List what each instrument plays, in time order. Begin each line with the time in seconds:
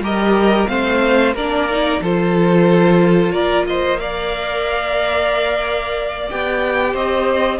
0.00 cello G3, viola G4, violin A#4 D#5
0.67 cello A3, viola C4, violin C5 F5
1.34 cello A#3, viola D4, violin A#4 D5
1.70 viola D#4
2.02 cello F3, viola F4, violin A4 C5
3.32 cello A#3, violin A#4 D5
3.67 violin C5 D#5
3.98 viola A#4, violin D5 F5
6.30 cello B3, viola G4, violin G5
6.93 cello C4, violin C5 D#5